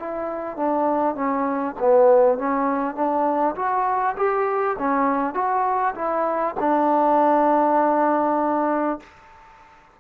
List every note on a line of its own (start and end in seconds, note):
0.00 0.57 E4
0.57 1.15 D4
1.15 1.75 C#4
1.80 2.38 B3
2.38 2.95 C#4
2.95 3.55 D4
3.56 4.16 F#4
4.17 4.77 G4
4.79 5.35 C#4
5.35 5.95 F#4
5.96 6.56 E4
6.60 9.00 D4